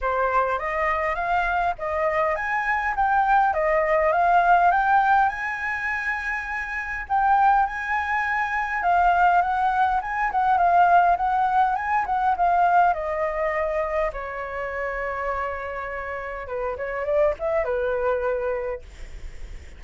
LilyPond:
\new Staff \with { instrumentName = "flute" } { \time 4/4 \tempo 4 = 102 c''4 dis''4 f''4 dis''4 | gis''4 g''4 dis''4 f''4 | g''4 gis''2. | g''4 gis''2 f''4 |
fis''4 gis''8 fis''8 f''4 fis''4 | gis''8 fis''8 f''4 dis''2 | cis''1 | b'8 cis''8 d''8 e''8 b'2 | }